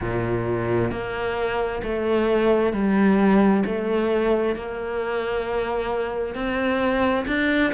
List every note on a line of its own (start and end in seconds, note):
0.01 0.91 A#2
0.91 1.82 A#3
1.83 2.72 A3
2.72 3.63 G3
3.65 4.55 A3
4.55 6.34 A#3
6.34 7.25 C4
7.27 7.72 D4